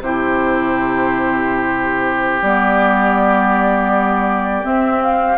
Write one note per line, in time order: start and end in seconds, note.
0.00 2.41 C3
0.00 2.42 E4
0.00 5.37 G4
0.00 2.42 C5
2.41 4.64 G3
2.41 4.62 B3
2.41 4.65 D5
4.62 5.36 C4
4.62 5.37 C4
4.62 5.02 E5
5.02 5.37 F5